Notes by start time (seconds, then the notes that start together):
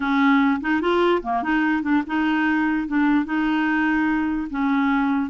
0.00 C#4
0.60 D#4
0.81 F4
1.22 A#3
1.42 D#4
1.82 D4
2.06 D#4
2.87 D4
3.25 D#4
4.50 C#4